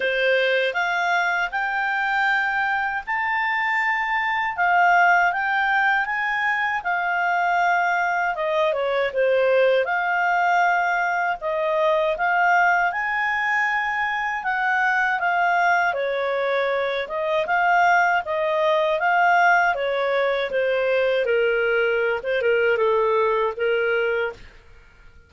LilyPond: \new Staff \with { instrumentName = "clarinet" } { \time 4/4 \tempo 4 = 79 c''4 f''4 g''2 | a''2 f''4 g''4 | gis''4 f''2 dis''8 cis''8 | c''4 f''2 dis''4 |
f''4 gis''2 fis''4 | f''4 cis''4. dis''8 f''4 | dis''4 f''4 cis''4 c''4 | ais'4~ ais'16 c''16 ais'8 a'4 ais'4 | }